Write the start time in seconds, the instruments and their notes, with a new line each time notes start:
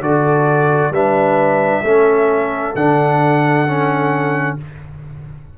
0.00 tuba D3, trombone F#4, horn A4, trumpet D5
0.90 tuba G3, trombone D4, horn B4, trumpet E5
1.83 tuba A3, trombone C#4, horn A4
2.74 tuba D3, trombone D4, trumpet F#5
3.66 trombone C#4